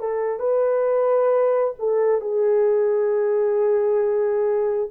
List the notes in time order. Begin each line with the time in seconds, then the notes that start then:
0.00 A4
0.40 B4
1.79 A4
2.21 G#4